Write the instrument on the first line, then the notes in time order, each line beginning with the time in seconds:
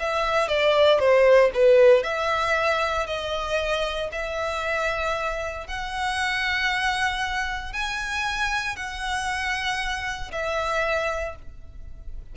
violin
0.00 E5
0.48 D5
0.99 C5
1.54 B4
2.03 E5
3.07 D#5
4.12 E5
5.67 F#5
7.73 G#5
8.76 F#5
10.32 E5